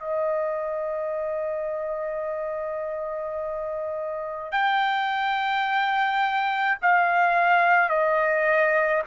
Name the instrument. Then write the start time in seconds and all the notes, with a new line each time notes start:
trumpet
0.00 D#5
4.52 G5
6.82 F5
7.90 D#5